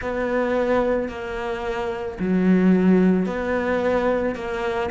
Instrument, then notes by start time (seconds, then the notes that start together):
cello
0.01 B3
1.09 A#3
2.19 F#3
3.26 B3
4.35 A#3